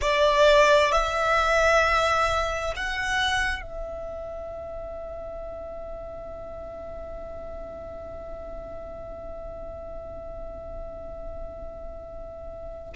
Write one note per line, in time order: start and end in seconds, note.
0.01 0.91 D5
0.91 2.73 E5
2.76 3.62 F#5
3.62 12.93 E5